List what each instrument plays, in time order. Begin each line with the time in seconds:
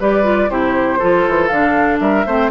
0.00 bassoon G3, clarinet G4, oboe B4, flute D5
0.23 clarinet F4
0.49 bassoon C3, clarinet E4, oboe G4, flute C5
0.99 bassoon F3, clarinet F4, oboe A4
1.28 bassoon E3
1.47 bassoon D3, clarinet D4, flute F5
2.00 bassoon G3, oboe A#4, flute E5
2.26 bassoon A3, clarinet C4, oboe C5